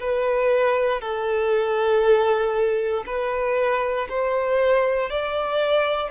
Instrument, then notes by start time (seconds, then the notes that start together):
violin
0.00 B4
1.01 A4
3.06 B4
4.09 C5
5.10 D5